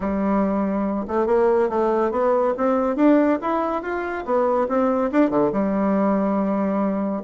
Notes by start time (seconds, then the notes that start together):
0.00 G3
1.07 A3
1.26 A#3
1.69 A3
2.11 B3
2.57 C4
2.96 D4
3.41 E4
3.82 F4
4.25 B3
4.68 C4
5.11 D4
5.30 D3
5.52 G3